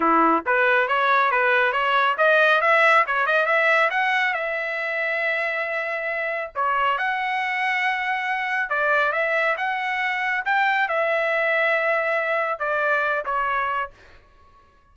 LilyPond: \new Staff \with { instrumentName = "trumpet" } { \time 4/4 \tempo 4 = 138 e'4 b'4 cis''4 b'4 | cis''4 dis''4 e''4 cis''8 dis''8 | e''4 fis''4 e''2~ | e''2. cis''4 |
fis''1 | d''4 e''4 fis''2 | g''4 e''2.~ | e''4 d''4. cis''4. | }